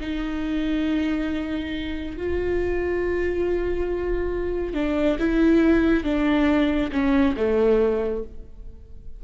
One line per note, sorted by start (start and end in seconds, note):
0.00 2.17 D#4
2.17 4.74 F4
4.74 5.17 D4
5.19 6.04 E4
6.04 6.91 D4
6.92 7.35 C#4
7.37 8.24 A3